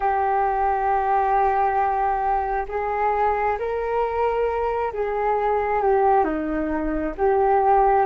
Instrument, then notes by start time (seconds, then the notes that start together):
flute
0.00 G4
2.68 G#4
3.58 A#4
4.93 G#4
5.82 G4
6.24 D#4
7.17 G4